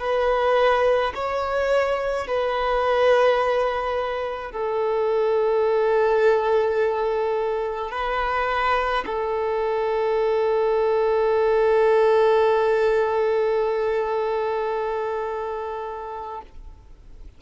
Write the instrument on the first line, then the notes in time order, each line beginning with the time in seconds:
violin
0.00 B4
1.15 C#5
2.27 B4
4.52 A4
7.91 B4
9.06 A4